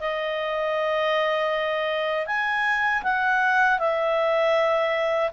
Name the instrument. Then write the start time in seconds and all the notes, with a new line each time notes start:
clarinet
0.00 D#5
2.27 G#5
3.03 F#5
3.79 E5